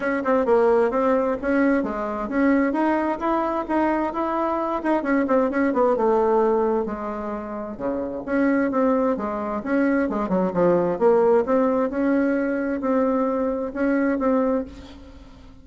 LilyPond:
\new Staff \with { instrumentName = "bassoon" } { \time 4/4 \tempo 4 = 131 cis'8 c'8 ais4 c'4 cis'4 | gis4 cis'4 dis'4 e'4 | dis'4 e'4. dis'8 cis'8 c'8 | cis'8 b8 a2 gis4~ |
gis4 cis4 cis'4 c'4 | gis4 cis'4 gis8 fis8 f4 | ais4 c'4 cis'2 | c'2 cis'4 c'4 | }